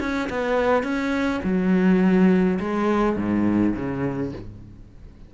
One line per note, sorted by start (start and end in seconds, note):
0.00 0.29 C#4
0.30 0.83 B3
0.83 1.41 C#4
1.43 2.59 F#3
2.59 3.16 G#3
3.16 3.74 G#2
3.74 4.32 C#3